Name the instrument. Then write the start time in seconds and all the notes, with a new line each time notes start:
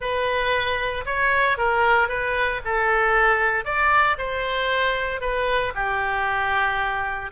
oboe
0.00 B4
1.05 C#5
1.57 A#4
2.08 B4
2.65 A4
3.64 D5
4.17 C5
5.20 B4
5.74 G4